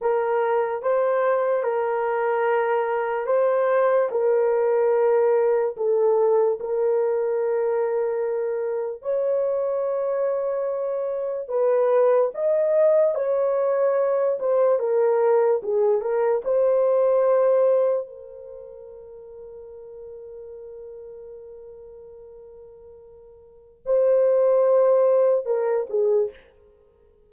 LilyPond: \new Staff \with { instrumentName = "horn" } { \time 4/4 \tempo 4 = 73 ais'4 c''4 ais'2 | c''4 ais'2 a'4 | ais'2. cis''4~ | cis''2 b'4 dis''4 |
cis''4. c''8 ais'4 gis'8 ais'8 | c''2 ais'2~ | ais'1~ | ais'4 c''2 ais'8 gis'8 | }